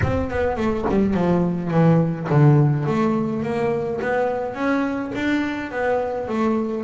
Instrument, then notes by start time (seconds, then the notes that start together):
double bass
0.02 C4
0.30 B3
0.56 A3
0.89 G3
1.14 F3
1.70 E3
2.29 D3
2.86 A3
3.42 A#3
4.01 B3
4.54 C#4
5.15 D4
5.71 B3
6.28 A3